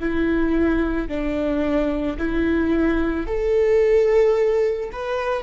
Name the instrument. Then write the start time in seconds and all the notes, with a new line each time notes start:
viola
0.00 E4
1.08 D4
2.18 E4
3.27 A4
4.92 B4